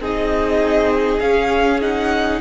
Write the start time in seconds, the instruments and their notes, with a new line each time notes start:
0.00 cello C4, viola D#4, violin G#4 D#5
1.20 cello C#4, viola C#4, violin F5
1.82 viola D#4, violin F#5